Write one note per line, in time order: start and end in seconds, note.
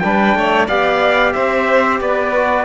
0.00 0.35 G3
0.00 0.69 D4
0.00 0.38 B4
0.00 0.66 G5
0.35 0.68 A3
0.35 0.67 C#5
0.67 1.35 B3
0.67 2.34 G4
0.67 1.33 D5
0.67 1.33 F5
1.33 2.01 C4
1.33 2.01 C5
1.33 1.99 E5
2.01 2.66 B3
2.01 2.66 B4
2.01 2.66 D5
2.35 2.66 F#4